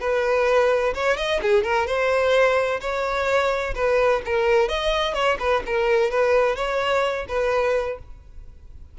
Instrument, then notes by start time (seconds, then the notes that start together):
violin
0.00 B4
0.94 C#5
1.17 D#5
1.42 G#4
1.63 A#4
1.86 C5
2.80 C#5
3.75 B4
4.25 A#4
4.68 D#5
5.13 C#5
5.39 B4
5.66 A#4
6.10 B4
6.56 C#5
7.28 B4